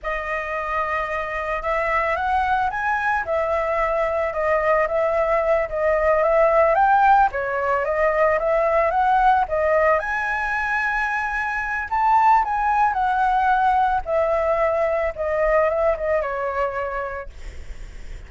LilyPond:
\new Staff \with { instrumentName = "flute" } { \time 4/4 \tempo 4 = 111 dis''2. e''4 | fis''4 gis''4 e''2 | dis''4 e''4. dis''4 e''8~ | e''8 g''4 cis''4 dis''4 e''8~ |
e''8 fis''4 dis''4 gis''4.~ | gis''2 a''4 gis''4 | fis''2 e''2 | dis''4 e''8 dis''8 cis''2 | }